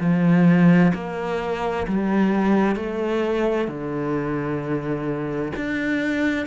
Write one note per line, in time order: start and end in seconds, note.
0.00 0.92 F3
0.94 1.87 A#3
1.88 2.76 G3
2.76 3.68 A3
3.68 5.52 D3
5.56 6.47 D4